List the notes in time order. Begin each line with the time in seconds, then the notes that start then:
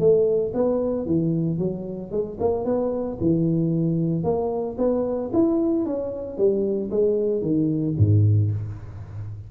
0.00 A3
0.55 B3
1.07 E3
1.59 F#3
2.12 G#3
2.40 A#3
2.65 B3
3.21 E3
4.24 A#3
4.79 B3
5.34 E4
5.86 C#4
6.38 G3
6.91 G#3
7.42 D#3
7.98 G#2